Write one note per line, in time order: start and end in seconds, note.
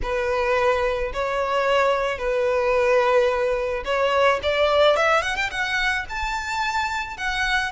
0.02 1.12 B4
1.13 2.18 C#5
2.18 3.83 B4
3.84 4.39 C#5
4.42 4.96 D5
4.96 5.22 E5
5.22 5.35 F#5
5.36 5.49 G5
5.50 6.05 F#5
6.09 7.17 A5
7.17 7.71 F#5